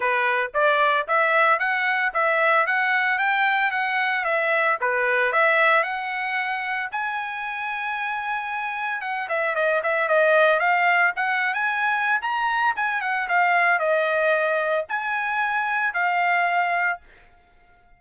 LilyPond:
\new Staff \with { instrumentName = "trumpet" } { \time 4/4 \tempo 4 = 113 b'4 d''4 e''4 fis''4 | e''4 fis''4 g''4 fis''4 | e''4 b'4 e''4 fis''4~ | fis''4 gis''2.~ |
gis''4 fis''8 e''8 dis''8 e''8 dis''4 | f''4 fis''8. gis''4~ gis''16 ais''4 | gis''8 fis''8 f''4 dis''2 | gis''2 f''2 | }